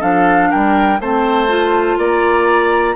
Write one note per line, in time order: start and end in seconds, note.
0.00 0.51 F3
0.00 0.99 D4
0.00 0.49 A4
0.00 0.51 F5
0.51 1.00 G3
0.51 1.00 A#4
0.51 1.01 G5
1.00 1.98 A3
1.00 1.49 C4
1.00 1.99 C5
1.00 1.99 A5
1.49 2.96 F4
1.98 2.96 A#3
1.98 2.96 D5
1.98 2.96 A#5